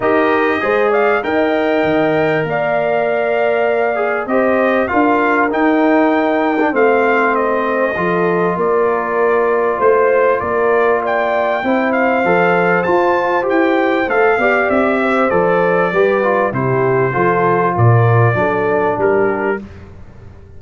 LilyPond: <<
  \new Staff \with { instrumentName = "trumpet" } { \time 4/4 \tempo 4 = 98 dis''4. f''8 g''2 | f''2. dis''4 | f''4 g''2 f''4 | dis''2 d''2 |
c''4 d''4 g''4. f''8~ | f''4 a''4 g''4 f''4 | e''4 d''2 c''4~ | c''4 d''2 ais'4 | }
  \new Staff \with { instrumentName = "horn" } { \time 4/4 ais'4 c''8 d''8 dis''2 | d''2. c''4 | ais'2. c''4~ | c''4 a'4 ais'2 |
c''4 ais'4 d''4 c''4~ | c''2.~ c''8 d''8~ | d''8 c''4. b'4 g'4 | a'4 ais'4 a'4 g'4 | }
  \new Staff \with { instrumentName = "trombone" } { \time 4/4 g'4 gis'4 ais'2~ | ais'2~ ais'8 gis'8 g'4 | f'4 dis'4.~ dis'16 d'16 c'4~ | c'4 f'2.~ |
f'2. e'4 | a'4 f'4 g'4 a'8 g'8~ | g'4 a'4 g'8 f'8 e'4 | f'2 d'2 | }
  \new Staff \with { instrumentName = "tuba" } { \time 4/4 dis'4 gis4 dis'4 dis4 | ais2. c'4 | d'4 dis'2 a4~ | a4 f4 ais2 |
a4 ais2 c'4 | f4 f'4 e'4 a8 b8 | c'4 f4 g4 c4 | f4 ais,4 fis4 g4 | }
>>